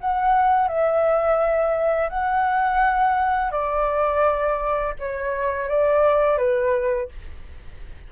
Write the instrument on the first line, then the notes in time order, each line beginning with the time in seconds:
flute
0.00 F#5
0.68 E5
2.09 F#5
3.51 D5
4.99 C#5
5.68 D5
6.37 B4